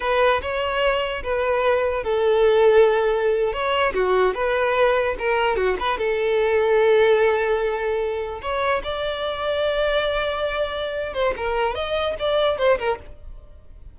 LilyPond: \new Staff \with { instrumentName = "violin" } { \time 4/4 \tempo 4 = 148 b'4 cis''2 b'4~ | b'4 a'2.~ | a'8. cis''4 fis'4 b'4~ b'16~ | b'8. ais'4 fis'8 b'8 a'4~ a'16~ |
a'1~ | a'8. cis''4 d''2~ d''16~ | d''2.~ d''8 c''8 | ais'4 dis''4 d''4 c''8 ais'8 | }